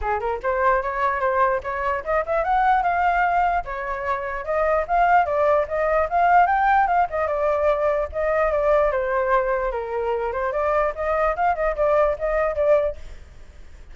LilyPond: \new Staff \with { instrumentName = "flute" } { \time 4/4 \tempo 4 = 148 gis'8 ais'8 c''4 cis''4 c''4 | cis''4 dis''8 e''8 fis''4 f''4~ | f''4 cis''2 dis''4 | f''4 d''4 dis''4 f''4 |
g''4 f''8 dis''8 d''2 | dis''4 d''4 c''2 | ais'4. c''8 d''4 dis''4 | f''8 dis''8 d''4 dis''4 d''4 | }